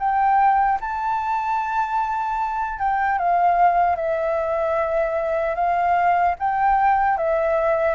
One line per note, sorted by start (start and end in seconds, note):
0.00 0.80 G5
0.81 2.80 A5
2.80 3.19 G5
3.19 3.96 F5
3.96 5.56 E5
5.56 6.36 F5
6.39 7.18 G5
7.18 7.96 E5